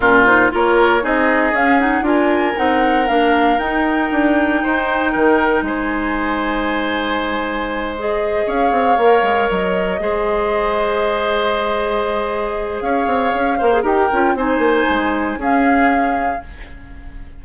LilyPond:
<<
  \new Staff \with { instrumentName = "flute" } { \time 4/4 \tempo 4 = 117 ais'8 c''8 cis''4 dis''4 f''8 fis''8 | gis''4 fis''4 f''4 g''4~ | g''2. gis''4~ | gis''2.~ gis''8 dis''8~ |
dis''8 f''2 dis''4.~ | dis''1~ | dis''4 f''2 g''4 | gis''2 f''2 | }
  \new Staff \with { instrumentName = "oboe" } { \time 4/4 f'4 ais'4 gis'2 | ais'1~ | ais'4 c''4 ais'4 c''4~ | c''1~ |
c''8 cis''2. c''8~ | c''1~ | c''4 cis''4. c''8 ais'4 | c''2 gis'2 | }
  \new Staff \with { instrumentName = "clarinet" } { \time 4/4 cis'8 dis'8 f'4 dis'4 cis'8 dis'8 | f'4 dis'4 d'4 dis'4~ | dis'1~ | dis'2.~ dis'8 gis'8~ |
gis'4. ais'2 gis'8~ | gis'1~ | gis'2~ gis'8 ais'16 gis'16 g'8 f'8 | dis'2 cis'2 | }
  \new Staff \with { instrumentName = "bassoon" } { \time 4/4 ais,4 ais4 c'4 cis'4 | d'4 c'4 ais4 dis'4 | d'4 dis'4 dis4 gis4~ | gis1~ |
gis8 cis'8 c'8 ais8 gis8 fis4 gis8~ | gis1~ | gis4 cis'8 c'8 cis'8 ais8 dis'8 cis'8 | c'8 ais8 gis4 cis'2 | }
>>